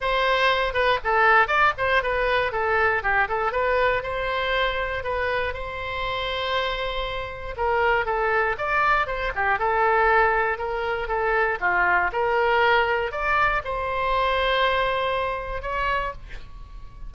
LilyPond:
\new Staff \with { instrumentName = "oboe" } { \time 4/4 \tempo 4 = 119 c''4. b'8 a'4 d''8 c''8 | b'4 a'4 g'8 a'8 b'4 | c''2 b'4 c''4~ | c''2. ais'4 |
a'4 d''4 c''8 g'8 a'4~ | a'4 ais'4 a'4 f'4 | ais'2 d''4 c''4~ | c''2. cis''4 | }